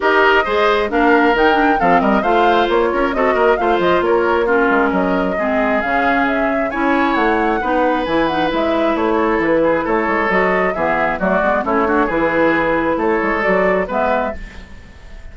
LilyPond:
<<
  \new Staff \with { instrumentName = "flute" } { \time 4/4 \tempo 4 = 134 dis''2 f''4 g''4 | f''8 dis''8 f''4 cis''4 dis''4 | f''8 dis''8 cis''4 ais'4 dis''4~ | dis''4 f''4 e''4 gis''4 |
fis''2 gis''8 fis''8 e''4 | cis''4 b'4 cis''4 dis''4 | e''4 d''4 cis''4 b'4~ | b'4 cis''4 d''4 e''4 | }
  \new Staff \with { instrumentName = "oboe" } { \time 4/4 ais'4 c''4 ais'2 | a'8 ais'8 c''4. ais'8 a'8 ais'8 | c''4 ais'4 f'4 ais'4 | gis'2. cis''4~ |
cis''4 b'2.~ | b'8 a'4 gis'8 a'2 | gis'4 fis'4 e'8 fis'8 gis'4~ | gis'4 a'2 b'4 | }
  \new Staff \with { instrumentName = "clarinet" } { \time 4/4 g'4 gis'4 d'4 dis'8 d'8 | c'4 f'2 fis'4 | f'2 cis'2 | c'4 cis'2 e'4~ |
e'4 dis'4 e'8 dis'8 e'4~ | e'2. fis'4 | b4 a8 b8 cis'8 d'8 e'4~ | e'2 fis'4 b4 | }
  \new Staff \with { instrumentName = "bassoon" } { \time 4/4 dis'4 gis4 ais4 dis4 | f8 g8 a4 ais8 cis'8 c'8 ais8 | a8 f8 ais4. gis8 fis4 | gis4 cis2 cis'4 |
a4 b4 e4 gis4 | a4 e4 a8 gis8 fis4 | e4 fis8 gis8 a4 e4~ | e4 a8 gis8 fis4 gis4 | }
>>